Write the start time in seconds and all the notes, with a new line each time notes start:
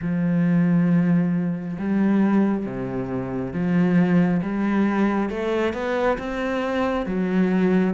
0.01 F3
1.78 G3
2.65 C3
3.53 F3
4.42 G3
5.29 A3
5.73 B3
6.18 C4
7.05 F#3